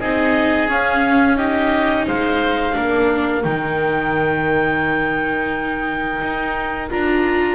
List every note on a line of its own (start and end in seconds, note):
0.00 0.69 C4
0.00 0.68 D#4
0.00 1.37 G#4
0.00 0.69 D#5
0.68 1.36 C#4
0.68 2.07 C#4
0.68 1.38 F5
1.36 2.73 D#4
1.36 2.06 G4
1.36 2.07 D#5
2.07 2.77 G#3
2.07 2.77 C5
2.07 3.44 F5
2.73 3.45 A#3
2.73 3.42 D4
2.73 7.55 A#4
3.44 6.21 D#3
3.44 6.90 D#4
3.44 6.89 G5
6.21 6.90 D#4
6.91 7.55 D4
6.91 7.55 F4
6.91 7.55 A#5